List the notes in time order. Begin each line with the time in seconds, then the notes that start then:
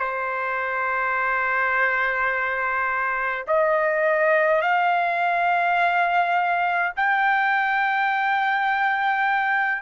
0.00 C5
3.47 D#5
4.62 F5
6.97 G5